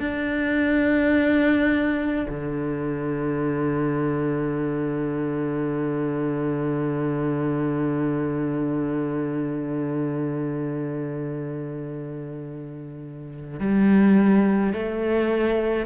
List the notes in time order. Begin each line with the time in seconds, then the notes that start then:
0.00 D4
2.29 D3
13.60 G3
14.73 A3